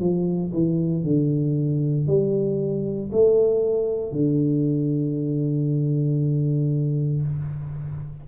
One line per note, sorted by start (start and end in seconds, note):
0.00 0.52 F3
0.53 1.04 E3
1.04 2.07 D3
2.07 3.11 G3
3.12 4.12 A3
4.12 7.22 D3